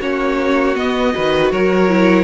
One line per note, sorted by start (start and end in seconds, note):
0.00 0.77 A#3
0.00 0.76 C#4
0.00 1.14 F#4
0.00 0.76 C#5
0.76 1.13 B3
0.76 1.15 B3
0.76 1.52 D#5
1.13 1.52 D#3
1.13 1.89 F#4
1.13 1.52 B4
1.52 2.25 F#3
1.52 2.25 A#4
1.52 2.25 C#5
1.89 2.25 E4